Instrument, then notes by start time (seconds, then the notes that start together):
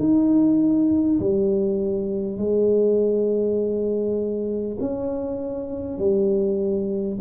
tuba
0.00 D#4
1.20 G3
2.38 G#3
4.81 C#4
5.99 G3